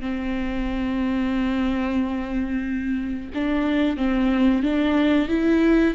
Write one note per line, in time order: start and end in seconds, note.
0.00 3.30 C4
3.34 3.97 D4
3.97 4.62 C4
4.62 5.28 D4
5.28 5.94 E4